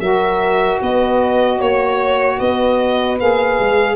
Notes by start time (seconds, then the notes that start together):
0.00 F#3 F#4 A#4 E5
0.82 B3 B4 D#5
1.59 A#3 C#5
2.39 B3 B4 D#5
3.19 A#3 G#4 F5
3.60 G#3